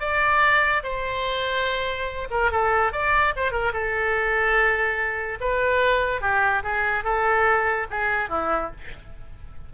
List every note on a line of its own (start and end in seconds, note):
0.00 0.83 D5
0.83 2.28 C5
2.31 2.51 A#4
2.51 2.92 A4
2.92 3.34 D5
3.36 3.52 C5
3.52 3.72 A#4
3.73 5.38 A4
5.40 6.21 B4
6.21 6.63 G4
6.64 7.04 G#4
7.04 7.87 A4
7.90 8.29 G#4
8.29 8.71 E4